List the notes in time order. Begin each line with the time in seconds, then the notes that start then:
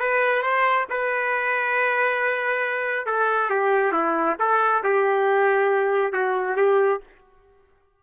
0.00 B4
0.42 C5
0.90 B4
3.06 A4
3.50 G4
3.92 E4
4.39 A4
4.83 G4
6.13 F#4
6.57 G4